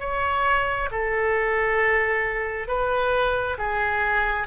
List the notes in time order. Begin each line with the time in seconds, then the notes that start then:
0.00 C#5
0.92 A4
2.68 B4
3.59 G#4